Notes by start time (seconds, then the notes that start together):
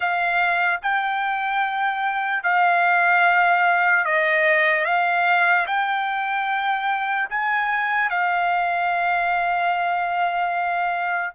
0.00 F5
0.82 G5
2.43 F5
4.04 D#5
4.84 F5
5.66 G5
7.29 G#5
8.10 F5